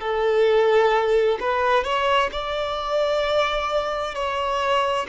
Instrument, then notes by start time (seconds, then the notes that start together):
violin
0.00 A4
1.40 B4
1.84 C#5
2.32 D5
4.15 C#5